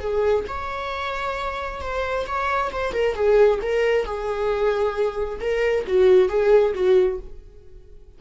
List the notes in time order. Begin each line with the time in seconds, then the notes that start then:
0.00 G#4
0.48 C#5
1.82 C5
2.27 C#5
2.73 C5
2.93 A#4
3.15 G#4
3.63 A#4
4.06 G#4
5.41 A#4
5.87 F#4
6.29 G#4
6.74 F#4